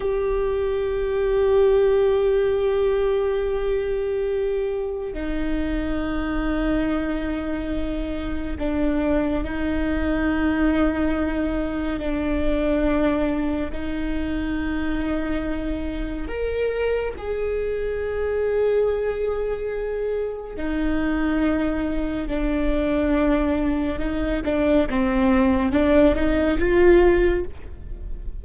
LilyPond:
\new Staff \with { instrumentName = "viola" } { \time 4/4 \tempo 4 = 70 g'1~ | g'2 dis'2~ | dis'2 d'4 dis'4~ | dis'2 d'2 |
dis'2. ais'4 | gis'1 | dis'2 d'2 | dis'8 d'8 c'4 d'8 dis'8 f'4 | }